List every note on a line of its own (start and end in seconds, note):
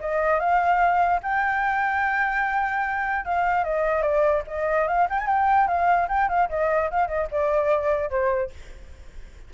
0.00 0.39 D#5
0.39 1.20 F5
1.23 3.25 G5
3.25 3.64 F5
3.64 4.02 D#5
4.02 4.42 D5
4.47 4.87 D#5
4.87 5.08 F5
5.09 5.19 G5
5.19 5.26 G#5
5.26 5.67 G5
5.67 6.08 F5
6.08 6.28 G5
6.28 6.49 F5
6.49 6.90 D#5
6.90 7.07 F5
7.07 7.28 D#5
7.31 8.10 D5
8.10 8.50 C5